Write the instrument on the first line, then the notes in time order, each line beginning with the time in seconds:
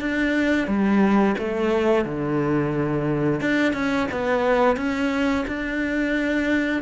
cello
0.00 D4
0.67 G3
1.38 A3
2.05 D3
3.40 D4
3.73 C#4
4.11 B3
4.76 C#4
5.47 D4